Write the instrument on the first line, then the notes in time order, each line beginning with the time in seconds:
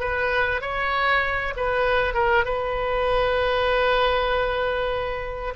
oboe
0.00 B4
0.61 C#5
1.56 B4
2.14 A#4
2.44 B4